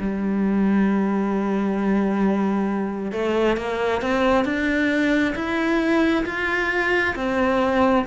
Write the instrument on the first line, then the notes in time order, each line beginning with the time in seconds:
cello
0.00 G3
3.13 A3
3.57 A#3
4.02 C4
4.45 D4
5.36 E4
6.26 F4
7.16 C4